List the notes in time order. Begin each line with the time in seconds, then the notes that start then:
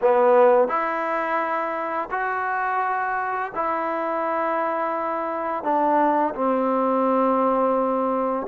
0.01 B3
0.68 E4
2.10 F#4
3.55 E4
5.63 D4
6.35 C4